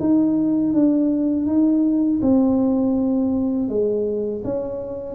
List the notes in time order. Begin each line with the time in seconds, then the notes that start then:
0.00 D#4
0.74 D4
1.46 D#4
2.22 C4
3.69 G#3
4.44 C#4